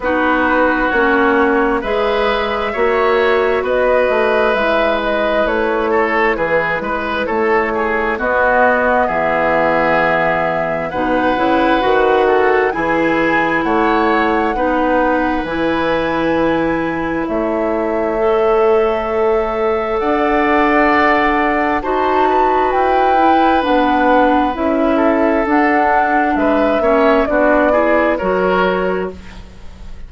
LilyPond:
<<
  \new Staff \with { instrumentName = "flute" } { \time 4/4 \tempo 4 = 66 b'4 cis''4 e''2 | dis''4 e''8 dis''8 cis''4 b'4 | cis''4 dis''4 e''2 | fis''2 gis''4 fis''4~ |
fis''4 gis''2 e''4~ | e''2 fis''2 | a''4 g''4 fis''4 e''4 | fis''4 e''4 d''4 cis''4 | }
  \new Staff \with { instrumentName = "oboe" } { \time 4/4 fis'2 b'4 cis''4 | b'2~ b'8 a'8 gis'8 b'8 | a'8 gis'8 fis'4 gis'2 | b'4. a'8 gis'4 cis''4 |
b'2. cis''4~ | cis''2 d''2 | c''8 b'2. a'8~ | a'4 b'8 cis''8 fis'8 gis'8 ais'4 | }
  \new Staff \with { instrumentName = "clarinet" } { \time 4/4 dis'4 cis'4 gis'4 fis'4~ | fis'4 e'2.~ | e'4 b2. | dis'8 e'8 fis'4 e'2 |
dis'4 e'2. | a'1 | fis'4. e'8 d'4 e'4 | d'4. cis'8 d'8 e'8 fis'4 | }
  \new Staff \with { instrumentName = "bassoon" } { \time 4/4 b4 ais4 gis4 ais4 | b8 a8 gis4 a4 e8 gis8 | a4 b4 e2 | b,8 cis8 dis4 e4 a4 |
b4 e2 a4~ | a2 d'2 | dis'4 e'4 b4 cis'4 | d'4 gis8 ais8 b4 fis4 | }
>>